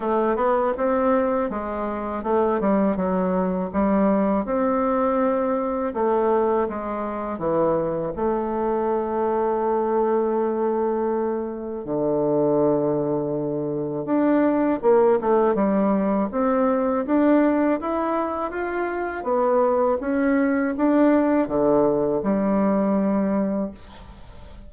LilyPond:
\new Staff \with { instrumentName = "bassoon" } { \time 4/4 \tempo 4 = 81 a8 b8 c'4 gis4 a8 g8 | fis4 g4 c'2 | a4 gis4 e4 a4~ | a1 |
d2. d'4 | ais8 a8 g4 c'4 d'4 | e'4 f'4 b4 cis'4 | d'4 d4 g2 | }